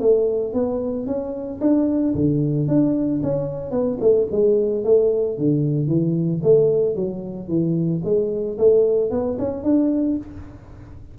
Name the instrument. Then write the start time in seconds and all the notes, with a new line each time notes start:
tuba
0.00 A3
0.54 B3
1.07 C#4
1.61 D4
2.15 D3
2.68 D4
3.23 C#4
3.71 B3
4.01 A3
4.31 G#3
4.84 A3
5.38 D3
5.88 E3
6.43 A3
6.95 F#3
7.49 E3
8.05 G#3
8.59 A3
9.11 B3
9.39 C#4
9.64 D4